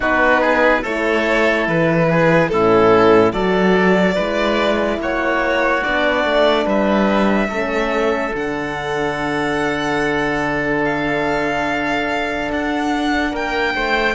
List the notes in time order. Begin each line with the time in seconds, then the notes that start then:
0.00 B3 D#4 F#4 B4
0.41 G#4
0.81 A3 E4 A4 C#5
1.67 E3 B4
2.09 G#4
2.48 A2 C#4 E4 A4
3.32 F#3 F#4 A4 D5
4.14 G#3 E4 B4
4.98 A#3 F#4 C#5
5.83 B3 D4 D5
6.24 A3
6.65 G3 B4 E5
7.48 A3 C#4 A4
8.31 D3 D4 F#5
10.84 F5
12.50 D4 F#5
13.31 A#3 A#4 G5
13.74 A3 C5